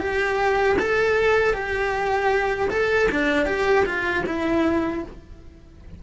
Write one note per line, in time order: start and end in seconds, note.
0.00 0.77 G4
0.79 1.53 A4
1.53 2.69 G4
2.70 3.08 A4
3.12 3.46 D4
3.46 3.85 G4
3.86 4.24 F4
4.26 5.03 E4